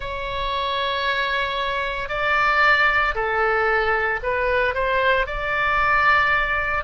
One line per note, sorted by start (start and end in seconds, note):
0.00 2.09 C#5
2.09 3.14 D5
3.14 4.20 A4
4.22 4.74 B4
4.74 5.26 C5
5.26 6.84 D5